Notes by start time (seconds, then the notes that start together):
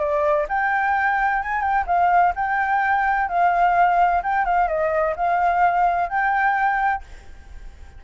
0.00 D5
0.49 G5
1.43 G#5
1.61 G5
1.87 F5
2.36 G5
3.29 F5
4.23 G5
4.46 F5
4.68 D#5
5.17 F5
6.10 G5